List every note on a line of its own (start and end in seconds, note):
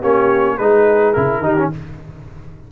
0.00 0.59 A#3
0.00 0.59 C#4
0.00 0.56 G4
0.00 0.57 C#5
0.57 1.15 G#3
0.57 1.15 D#4
0.57 1.43 G#4
0.57 1.13 B4
1.13 1.40 C#3
1.13 1.43 E4
1.13 1.69 A#4
1.40 1.68 D#3
1.40 1.57 D#4
1.40 1.71 G4
1.57 1.71 C#4